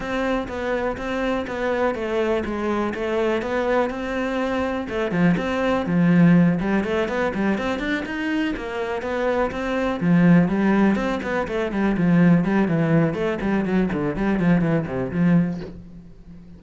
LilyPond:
\new Staff \with { instrumentName = "cello" } { \time 4/4 \tempo 4 = 123 c'4 b4 c'4 b4 | a4 gis4 a4 b4 | c'2 a8 f8 c'4 | f4. g8 a8 b8 g8 c'8 |
d'8 dis'4 ais4 b4 c'8~ | c'8 f4 g4 c'8 b8 a8 | g8 f4 g8 e4 a8 g8 | fis8 d8 g8 f8 e8 c8 f4 | }